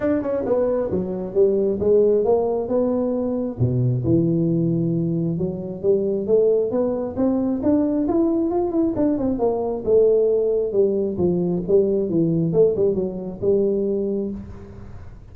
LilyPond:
\new Staff \with { instrumentName = "tuba" } { \time 4/4 \tempo 4 = 134 d'8 cis'8 b4 fis4 g4 | gis4 ais4 b2 | b,4 e2. | fis4 g4 a4 b4 |
c'4 d'4 e'4 f'8 e'8 | d'8 c'8 ais4 a2 | g4 f4 g4 e4 | a8 g8 fis4 g2 | }